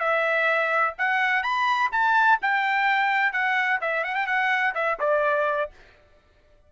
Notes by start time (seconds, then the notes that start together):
0.00 E5
0.98 F#5
1.43 B5
1.92 A5
2.42 G5
3.33 F#5
3.81 E5
4.04 F#5
4.15 G5
4.27 F#5
4.75 E5
5.00 D5